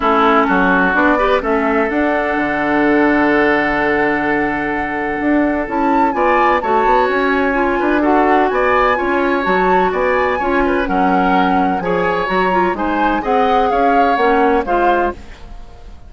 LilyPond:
<<
  \new Staff \with { instrumentName = "flute" } { \time 4/4 \tempo 4 = 127 a'2 d''4 e''4 | fis''1~ | fis''1 | a''4 gis''4 a''4 gis''4~ |
gis''4 fis''4 gis''2 | a''4 gis''2 fis''4~ | fis''4 gis''4 ais''4 gis''4 | fis''4 f''4 fis''4 f''4 | }
  \new Staff \with { instrumentName = "oboe" } { \time 4/4 e'4 fis'4. b'8 a'4~ | a'1~ | a'1~ | a'4 d''4 cis''2~ |
cis''8 b'8 a'4 d''4 cis''4~ | cis''4 d''4 cis''8 b'8 ais'4~ | ais'4 cis''2 c''4 | dis''4 cis''2 c''4 | }
  \new Staff \with { instrumentName = "clarinet" } { \time 4/4 cis'2 d'8 g'8 cis'4 | d'1~ | d'1 | e'4 f'4 fis'2 |
f'4 fis'2 f'4 | fis'2 f'4 cis'4~ | cis'4 gis'4 fis'8 f'8 dis'4 | gis'2 cis'4 f'4 | }
  \new Staff \with { instrumentName = "bassoon" } { \time 4/4 a4 fis4 b4 a4 | d'4 d2.~ | d2. d'4 | cis'4 b4 a8 b8 cis'4~ |
cis'8 d'4. b4 cis'4 | fis4 b4 cis'4 fis4~ | fis4 f4 fis4 gis4 | c'4 cis'4 ais4 gis4 | }
>>